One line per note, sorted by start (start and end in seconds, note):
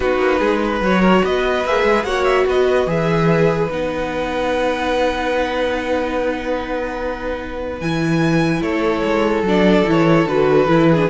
0.00 0.18 B3
0.00 0.82 D#4
0.00 0.38 F#4
0.00 0.79 B4
0.18 0.39 A#3
0.38 0.80 G#3
0.38 0.59 G#4
0.64 1.01 B4
0.80 1.21 F#3
0.80 1.65 F#4
0.80 1.25 C#5
1.01 1.21 A#4
1.23 1.64 B3
1.23 2.05 B4
1.23 1.66 D#5
1.64 1.83 A#3
1.64 2.06 G#4
1.64 2.03 E5
1.83 2.03 G#3
2.03 2.44 A#3
2.03 2.87 F#4
2.03 2.46 C#5
2.03 2.24 F#5
2.24 2.45 E5
2.45 2.86 B3
2.45 8.63 B4
2.45 2.89 D#5
2.86 3.68 E3
2.86 3.69 G#4
2.86 3.70 E5
3.69 7.80 B3
3.69 7.80 D#4
3.69 7.80 F#5
7.80 8.61 E3
7.80 9.46 E4
7.80 8.62 G#5
8.61 9.02 A3
8.61 10.89 A4
8.61 9.44 C#5
9.04 9.42 G#3
9.42 9.83 F#3
9.42 9.85 D4
9.48 9.89 D5
9.85 10.26 E3
9.85 10.26 E4
9.85 10.27 C#5
10.26 10.66 D3
10.26 10.67 F#4
10.26 11.09 B4
10.66 11.07 E3
10.66 10.96 E4
10.90 11.06 D4
10.90 11.09 G#4